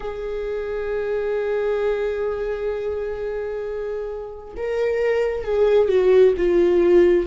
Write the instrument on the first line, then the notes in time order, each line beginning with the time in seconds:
viola
0.00 G#4
4.56 A#4
5.44 G#4
5.88 F#4
6.37 F4